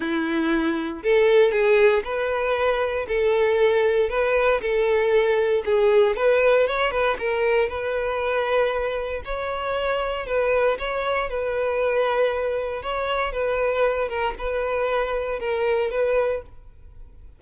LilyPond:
\new Staff \with { instrumentName = "violin" } { \time 4/4 \tempo 4 = 117 e'2 a'4 gis'4 | b'2 a'2 | b'4 a'2 gis'4 | b'4 cis''8 b'8 ais'4 b'4~ |
b'2 cis''2 | b'4 cis''4 b'2~ | b'4 cis''4 b'4. ais'8 | b'2 ais'4 b'4 | }